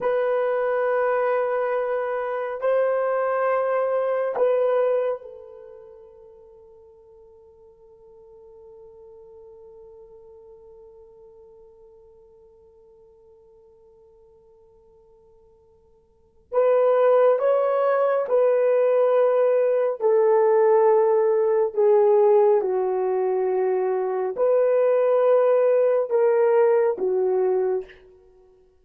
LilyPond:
\new Staff \with { instrumentName = "horn" } { \time 4/4 \tempo 4 = 69 b'2. c''4~ | c''4 b'4 a'2~ | a'1~ | a'1~ |
a'2. b'4 | cis''4 b'2 a'4~ | a'4 gis'4 fis'2 | b'2 ais'4 fis'4 | }